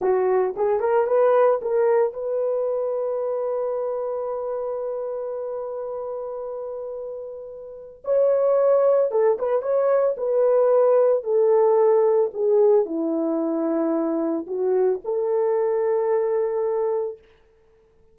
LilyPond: \new Staff \with { instrumentName = "horn" } { \time 4/4 \tempo 4 = 112 fis'4 gis'8 ais'8 b'4 ais'4 | b'1~ | b'1~ | b'2. cis''4~ |
cis''4 a'8 b'8 cis''4 b'4~ | b'4 a'2 gis'4 | e'2. fis'4 | a'1 | }